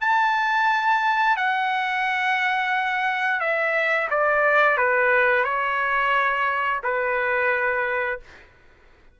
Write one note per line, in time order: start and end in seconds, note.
0.00 1.36 A5
1.36 3.40 F#5
3.40 4.08 E5
4.10 4.77 D5
4.77 5.44 B4
5.44 6.80 C#5
6.83 8.19 B4